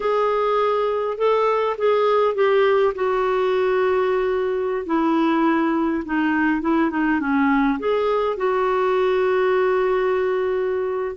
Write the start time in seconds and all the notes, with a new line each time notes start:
0.00 G#4
1.17 A4
1.77 G#4
2.34 G4
2.94 F#4
4.85 E4
6.05 D#4
6.61 E4
6.90 D#4
7.20 C#4
7.79 G#4
8.36 F#4